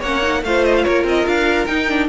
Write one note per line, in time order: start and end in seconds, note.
0.00 0.43 A#3
0.00 0.23 C#4
0.00 0.41 C#5
0.00 0.44 F#5
0.23 0.43 D#4
0.43 0.85 A3
0.43 1.68 F4
0.43 0.85 C5
0.43 0.65 F5
0.65 0.75 D#5
0.77 0.84 F5
0.84 1.05 A#3
0.84 2.09 A#4
0.84 1.05 C#5
1.05 1.25 C4
1.05 1.27 D#5
1.27 1.68 D4
1.27 1.67 F5
1.67 1.89 D#4
1.67 2.09 D#4
1.67 2.08 G5
1.89 2.09 D4